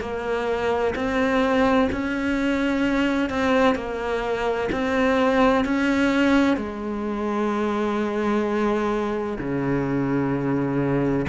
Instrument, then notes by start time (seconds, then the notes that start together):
cello
0.00 A#3
0.95 C4
1.91 C#4
3.29 C4
3.75 A#3
4.72 C4
5.64 C#4
6.56 G#3
9.38 C#3